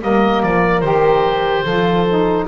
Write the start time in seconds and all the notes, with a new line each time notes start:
0.00 G3 A#3 A#4 D#5
0.42 F3 D5
0.81 D#3 G4 C5
1.64 F3 F4 A4
2.08 D#4